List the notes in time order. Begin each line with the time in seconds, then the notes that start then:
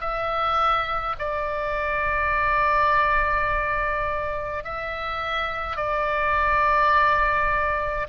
0.00 E5
1.19 D5
4.64 E5
5.76 D5